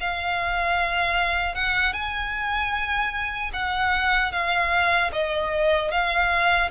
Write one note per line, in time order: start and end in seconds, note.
0.00 1.55 F5
1.55 1.93 F#5
1.93 3.51 G#5
3.53 4.32 F#5
4.32 5.11 F5
5.12 5.91 D#5
5.91 6.70 F5